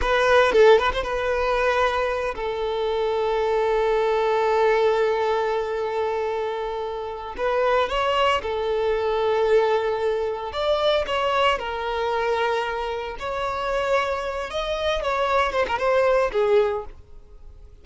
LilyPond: \new Staff \with { instrumentName = "violin" } { \time 4/4 \tempo 4 = 114 b'4 a'8 b'16 c''16 b'2~ | b'8 a'2.~ a'8~ | a'1~ | a'2 b'4 cis''4 |
a'1 | d''4 cis''4 ais'2~ | ais'4 cis''2~ cis''8 dis''8~ | dis''8 cis''4 c''16 ais'16 c''4 gis'4 | }